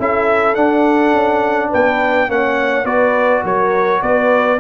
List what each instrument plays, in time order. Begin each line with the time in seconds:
0.00 tuba C#4, trombone E4, horn A4, trumpet E5
0.55 trombone D4, tuba D4, trumpet F#5
1.13 tuba C#4
1.70 tuba B3, horn B4, trumpet G5
2.28 tuba A#3, trombone C#4, horn C#5, trumpet F#5
2.85 tuba B3, trombone F#4, horn B4, trumpet D5
3.44 tuba F#3, horn A#4, trumpet C#5
4.02 tuba B3, horn B4, trumpet D5